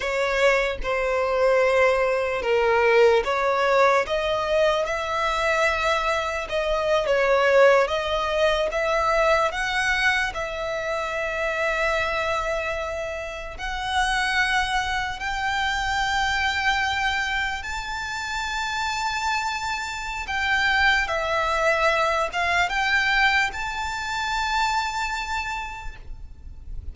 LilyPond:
\new Staff \with { instrumentName = "violin" } { \time 4/4 \tempo 4 = 74 cis''4 c''2 ais'4 | cis''4 dis''4 e''2 | dis''8. cis''4 dis''4 e''4 fis''16~ | fis''8. e''2.~ e''16~ |
e''8. fis''2 g''4~ g''16~ | g''4.~ g''16 a''2~ a''16~ | a''4 g''4 e''4. f''8 | g''4 a''2. | }